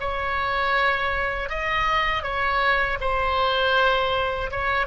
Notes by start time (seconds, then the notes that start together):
0.00 C#5
1.49 D#5
2.23 C#5
3.00 C5
4.51 C#5